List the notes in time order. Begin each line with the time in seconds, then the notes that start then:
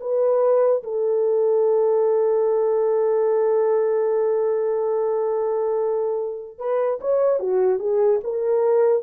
0.00 B4
0.83 A4
6.58 B4
7.00 C#5
7.39 F#4
7.79 G#4
8.23 A#4